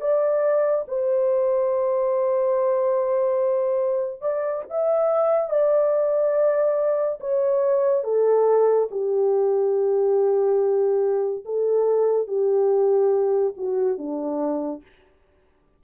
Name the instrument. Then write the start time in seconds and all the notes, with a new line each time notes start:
horn
0.00 D5
0.88 C5
4.21 D5
4.69 E5
5.49 D5
7.20 C#5
8.04 A4
8.91 G4
11.45 A4
12.27 G4
13.57 F#4
13.97 D4